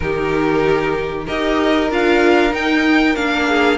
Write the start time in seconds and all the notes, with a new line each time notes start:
0.00 D#3 D#4 G4 A#4
1.26 D#4 G4 A#4 D#5
1.90 D4 F4 F5
2.50 D#4 G5
3.15 A#3 D4 F5
3.47 G#4